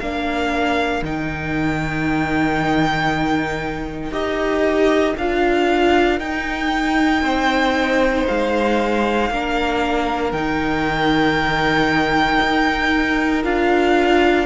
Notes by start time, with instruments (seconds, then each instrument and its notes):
0.00 cello A#3, viola D4, violin A#4 F5
1.02 cello D#3, viola D#4, violin G5
4.12 cello D#4, viola G4, violin D#5
5.18 cello D4, viola F4, violin F5
6.20 cello D#4, viola D#4, violin G5
7.22 cello C4, violin C5
8.28 cello G#3, violin F5
9.31 cello A#3, viola D4, violin A#4
10.33 cello D#3, viola D#4, violin G5
12.42 cello D#4
13.44 cello D4, viola F4, violin F5